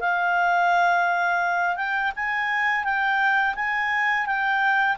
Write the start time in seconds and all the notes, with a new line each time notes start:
0.00 F5
1.76 G5
2.16 G#5
2.84 G5
3.55 G#5
4.26 G5